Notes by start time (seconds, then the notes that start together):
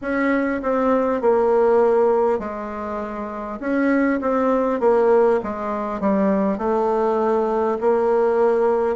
0.01 C#4
0.62 C4
1.21 A#3
2.39 G#3
3.60 C#4
4.21 C4
4.79 A#3
5.43 G#3
6.00 G3
6.57 A3
7.81 A#3